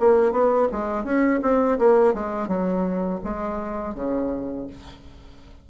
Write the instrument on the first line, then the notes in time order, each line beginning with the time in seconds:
bassoon
0.00 A#3
0.32 B3
0.72 G#3
1.04 C#4
1.42 C4
1.78 A#3
2.14 G#3
2.48 F#3
3.24 G#3
3.95 C#3